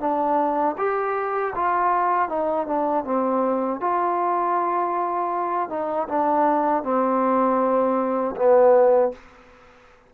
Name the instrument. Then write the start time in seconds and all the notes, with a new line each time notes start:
trombone
0.00 D4
0.78 G4
1.55 F4
2.29 D#4
2.67 D4
3.05 C4
3.81 F4
5.70 D#4
6.09 D4
6.84 C4
8.36 B3